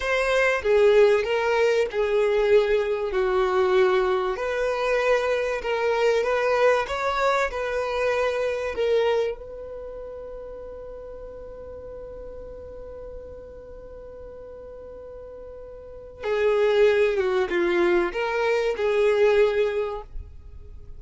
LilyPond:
\new Staff \with { instrumentName = "violin" } { \time 4/4 \tempo 4 = 96 c''4 gis'4 ais'4 gis'4~ | gis'4 fis'2 b'4~ | b'4 ais'4 b'4 cis''4 | b'2 ais'4 b'4~ |
b'1~ | b'1~ | b'2 gis'4. fis'8 | f'4 ais'4 gis'2 | }